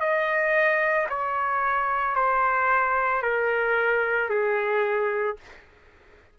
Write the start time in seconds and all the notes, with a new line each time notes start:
0.00 D#5
1.09 C#5
2.15 C5
3.22 A#4
4.29 G#4